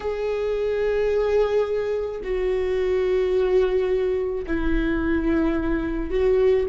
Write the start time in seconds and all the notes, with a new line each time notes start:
0.00 G#4
2.23 F#4
4.46 E4
6.10 F#4